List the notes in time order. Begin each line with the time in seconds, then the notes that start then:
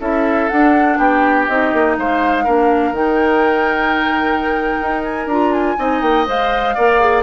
0.00 C#4 E4 A4 E5
0.49 D4 F#5
0.98 B3 G4 G5
1.48 C4 D#4 D#5
1.73 A#3
1.98 G#3 C5 F5
2.44 A#3 D4 A#4
2.92 D#3 D#4 G5
4.82 D#4
5.04 G#5
5.27 D4 F4 A#5
5.53 G#5
5.78 C4 D#4 D#5
6.02 A#3 G5
6.26 G#3 C5 F5
6.75 A#3 A#4 D5
7.00 G#4